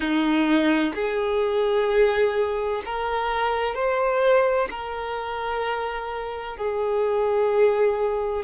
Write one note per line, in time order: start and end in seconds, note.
0.00 0.93 D#4
0.94 2.82 G#4
2.85 3.74 A#4
3.74 4.68 C5
4.70 6.57 A#4
6.57 8.44 G#4